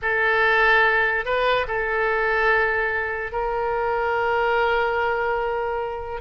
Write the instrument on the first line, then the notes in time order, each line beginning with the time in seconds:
oboe
0.02 A4
1.25 B4
1.67 A4
3.32 A#4